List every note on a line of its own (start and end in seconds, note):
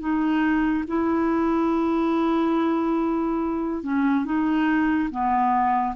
0.00 0.85 D#4
0.88 3.83 E4
3.83 4.25 C#4
4.25 5.10 D#4
5.10 5.95 B3